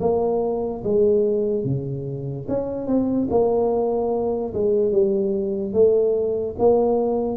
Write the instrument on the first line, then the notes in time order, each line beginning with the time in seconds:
tuba
0.00 A#3
0.84 G#3
1.64 C#3
2.48 C#4
2.87 C4
3.30 A#3
4.54 G#3
4.92 G3
5.73 A3
6.58 A#3